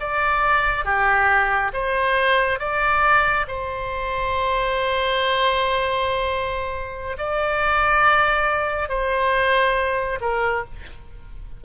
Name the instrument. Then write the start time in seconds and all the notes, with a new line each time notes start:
oboe
0.00 D5
0.85 G4
1.74 C5
2.59 D5
3.48 C5
7.18 D5
8.89 C5
10.21 A#4